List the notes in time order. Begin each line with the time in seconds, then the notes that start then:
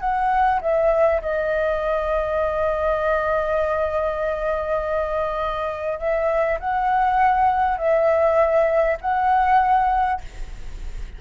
0.00 F#5
0.61 E5
1.22 D#5
5.99 E5
6.59 F#5
7.78 E5
9.01 F#5